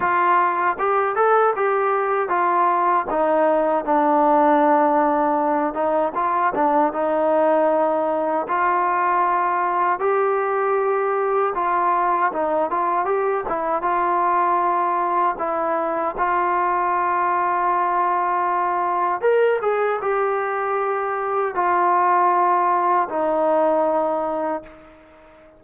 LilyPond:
\new Staff \with { instrumentName = "trombone" } { \time 4/4 \tempo 4 = 78 f'4 g'8 a'8 g'4 f'4 | dis'4 d'2~ d'8 dis'8 | f'8 d'8 dis'2 f'4~ | f'4 g'2 f'4 |
dis'8 f'8 g'8 e'8 f'2 | e'4 f'2.~ | f'4 ais'8 gis'8 g'2 | f'2 dis'2 | }